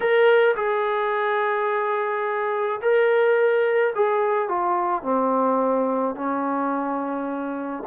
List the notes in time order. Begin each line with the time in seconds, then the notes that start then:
0.00 A#4
0.56 G#4
2.81 A#4
3.95 G#4
4.48 F4
5.02 C4
6.15 C#4